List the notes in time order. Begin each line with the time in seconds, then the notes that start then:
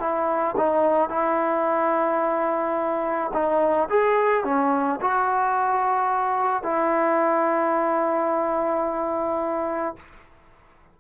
0.00 E4
0.57 D#4
1.10 E4
3.34 D#4
3.90 G#4
4.44 C#4
5.01 F#4
6.63 E4